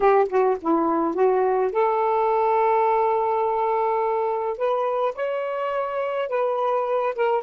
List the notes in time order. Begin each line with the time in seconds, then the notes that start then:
0.00 G4
0.28 F#4
0.61 E4
1.14 F#4
1.71 A4
4.57 B4
5.15 C#5
6.29 B4
7.15 A#4